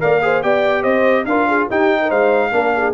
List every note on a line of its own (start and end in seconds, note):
0.00 0.43 A#3
0.00 0.21 A#4
0.00 0.23 D5
0.00 0.43 F5
0.22 0.43 G#4
0.22 0.45 C5
0.43 0.84 B3
0.43 1.26 G4
0.43 0.83 D5
0.43 0.84 G5
0.83 1.25 C4
0.83 1.24 C5
0.83 1.25 D#5
1.25 1.67 D4
1.25 1.70 F4
1.25 1.49 A#4
1.25 1.68 F5
1.49 1.70 G#4
1.70 2.52 D#4
1.70 2.11 D#4
1.70 2.01 G4
1.70 2.11 G5
2.02 2.09 A#4
2.09 2.52 G#3
2.09 2.51 C5
2.09 2.94 F5
2.52 2.94 A#3
2.52 2.94 D4
2.52 2.75 A#4
2.76 2.94 G#4